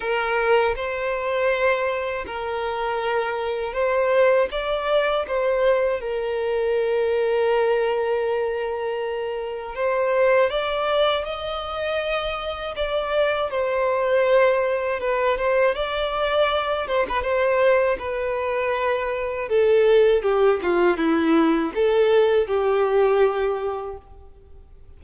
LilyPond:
\new Staff \with { instrumentName = "violin" } { \time 4/4 \tempo 4 = 80 ais'4 c''2 ais'4~ | ais'4 c''4 d''4 c''4 | ais'1~ | ais'4 c''4 d''4 dis''4~ |
dis''4 d''4 c''2 | b'8 c''8 d''4. c''16 b'16 c''4 | b'2 a'4 g'8 f'8 | e'4 a'4 g'2 | }